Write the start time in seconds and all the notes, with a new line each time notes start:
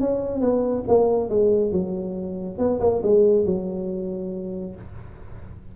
0.00 C#4
0.41 B3
0.88 A#3
1.29 G#3
1.72 F#3
2.58 B3
2.80 A#3
3.03 G#3
3.45 F#3